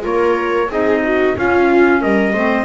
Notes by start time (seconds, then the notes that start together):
0.00 A#3 F4 A#4 C#5
0.69 C4 D#4 G#4 D#5
1.03 F#4
1.36 C#4 F4 F5
2.00 G3 A#4 D#5
2.33 A3 C4 C5